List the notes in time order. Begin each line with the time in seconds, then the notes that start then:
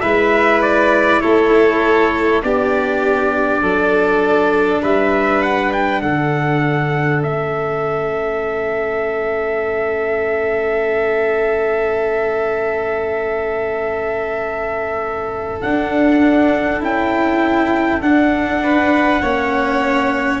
0.00 G#3 E4 B4 E5
0.61 D5
1.21 A3 A4 C#5
2.42 B3 D4 G4 D5
3.61 F#3 A4
4.82 G3 B4 E5
5.42 F#5
5.73 G5
6.01 D3 A4 F#5
7.22 A3 C#4 E5
15.61 D4 F#5
16.80 C#4 E4 G5
18.01 D4 F#5
18.63 B4
19.21 A#3 C#4 C#5